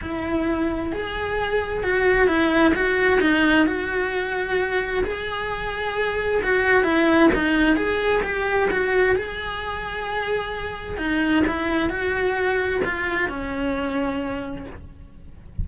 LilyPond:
\new Staff \with { instrumentName = "cello" } { \time 4/4 \tempo 4 = 131 e'2 gis'2 | fis'4 e'4 fis'4 dis'4 | fis'2. gis'4~ | gis'2 fis'4 e'4 |
dis'4 gis'4 g'4 fis'4 | gis'1 | dis'4 e'4 fis'2 | f'4 cis'2. | }